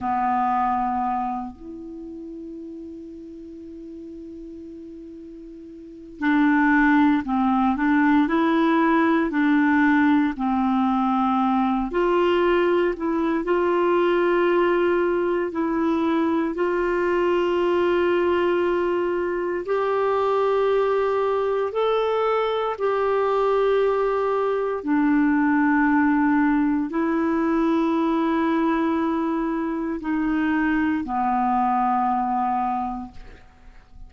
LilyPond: \new Staff \with { instrumentName = "clarinet" } { \time 4/4 \tempo 4 = 58 b4. e'2~ e'8~ | e'2 d'4 c'8 d'8 | e'4 d'4 c'4. f'8~ | f'8 e'8 f'2 e'4 |
f'2. g'4~ | g'4 a'4 g'2 | d'2 e'2~ | e'4 dis'4 b2 | }